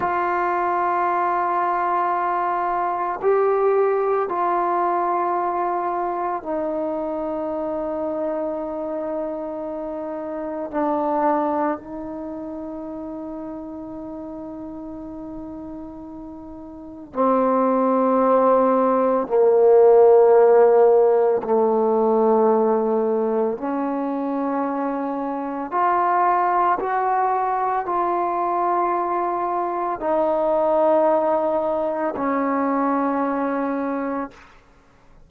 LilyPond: \new Staff \with { instrumentName = "trombone" } { \time 4/4 \tempo 4 = 56 f'2. g'4 | f'2 dis'2~ | dis'2 d'4 dis'4~ | dis'1 |
c'2 ais2 | a2 cis'2 | f'4 fis'4 f'2 | dis'2 cis'2 | }